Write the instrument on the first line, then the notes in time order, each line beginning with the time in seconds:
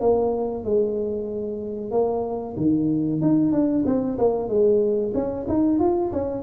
tuba
0.00 A#3
0.64 G#3
1.91 A#3
2.57 D#3
3.22 D#4
3.52 D4
3.86 C4
4.18 A#3
4.48 G#3
5.14 C#4
5.48 D#4
5.79 F4
6.12 C#4